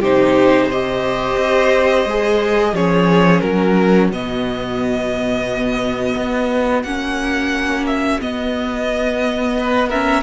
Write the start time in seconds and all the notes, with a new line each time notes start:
0.00 C3 D#4 G4 C5
0.66 G4 C5 D#5
1.37 C4
2.05 G#3 G#4
2.73 F3 C#4 G#4 C#5
3.40 F#3 F#4 A#4
4.11 B2 B3 D#5
6.16 B3
6.83 A#3 C#4 F#5
7.86 E5
8.21 B3 D#5
9.59 B4
9.89 C#4 A#4 E5